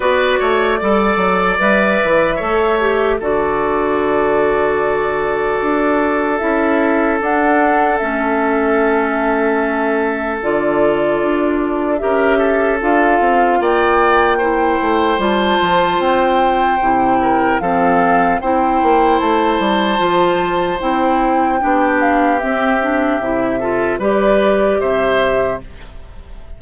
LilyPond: <<
  \new Staff \with { instrumentName = "flute" } { \time 4/4 \tempo 4 = 75 d''2 e''2 | d''1 | e''4 fis''4 e''2~ | e''4 d''2 e''4 |
f''4 g''2 a''4 | g''2 f''4 g''4 | a''2 g''4. f''8 | e''2 d''4 e''4 | }
  \new Staff \with { instrumentName = "oboe" } { \time 4/4 b'8 cis''8 d''2 cis''4 | a'1~ | a'1~ | a'2. ais'8 a'8~ |
a'4 d''4 c''2~ | c''4. ais'8 a'4 c''4~ | c''2. g'4~ | g'4. a'8 b'4 c''4 | }
  \new Staff \with { instrumentName = "clarinet" } { \time 4/4 fis'4 a'4 b'4 a'8 g'8 | fis'1 | e'4 d'4 cis'2~ | cis'4 f'2 g'4 |
f'2 e'4 f'4~ | f'4 e'4 c'4 e'4~ | e'4 f'4 e'4 d'4 | c'8 d'8 e'8 f'8 g'2 | }
  \new Staff \with { instrumentName = "bassoon" } { \time 4/4 b8 a8 g8 fis8 g8 e8 a4 | d2. d'4 | cis'4 d'4 a2~ | a4 d4 d'4 cis'4 |
d'8 c'8 ais4. a8 g8 f8 | c'4 c4 f4 c'8 ais8 | a8 g8 f4 c'4 b4 | c'4 c4 g4 c4 | }
>>